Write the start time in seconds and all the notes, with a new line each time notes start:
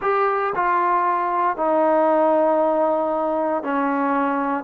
0.01 G4
0.55 F4
1.57 D#4
3.63 C#4